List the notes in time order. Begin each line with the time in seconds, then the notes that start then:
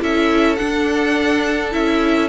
0.00 C#4 E4 A4 E5
0.55 D4 F#5
1.71 C#4 E4 E5